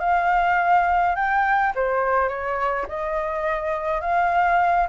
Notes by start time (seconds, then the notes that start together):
0.00 F5
1.15 G5
1.75 C5
2.28 C#5
2.88 D#5
4.01 F5